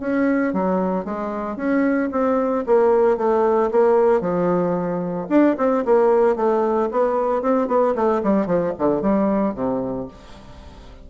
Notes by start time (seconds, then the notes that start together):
0.00 C#4
0.53 F#3
1.05 G#3
1.56 C#4
2.11 C4
2.66 A#3
3.17 A3
3.71 A#3
4.21 F3
5.29 D4
5.58 C4
5.85 A#3
6.36 A3
6.91 B3
7.42 C4
7.68 B3
7.95 A3
8.23 G3
8.46 F3
8.78 D3
9.02 G3
9.54 C3